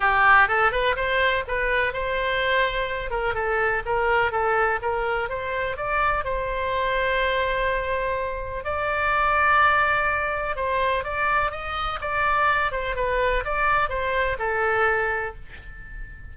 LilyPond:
\new Staff \with { instrumentName = "oboe" } { \time 4/4 \tempo 4 = 125 g'4 a'8 b'8 c''4 b'4 | c''2~ c''8 ais'8 a'4 | ais'4 a'4 ais'4 c''4 | d''4 c''2.~ |
c''2 d''2~ | d''2 c''4 d''4 | dis''4 d''4. c''8 b'4 | d''4 c''4 a'2 | }